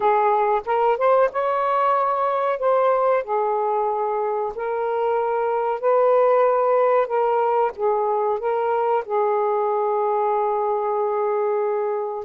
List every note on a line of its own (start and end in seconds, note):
0.00 0.61 G#4
0.65 0.97 A#4
0.97 1.29 C5
1.31 2.59 C#5
2.59 3.23 C5
3.23 4.52 G#4
4.55 5.80 A#4
5.80 7.06 B4
7.06 7.71 A#4
7.76 8.39 G#4
8.39 9.04 A#4
9.05 12.25 G#4